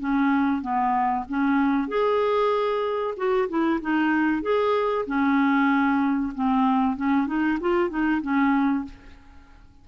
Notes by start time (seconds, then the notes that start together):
0.00 C#4
0.62 B3
1.28 C#4
1.88 G#4
3.17 F#4
3.49 E4
3.81 D#4
4.42 G#4
5.07 C#4
6.35 C4
6.96 C#4
7.27 D#4
7.61 F4
7.90 D#4
8.22 C#4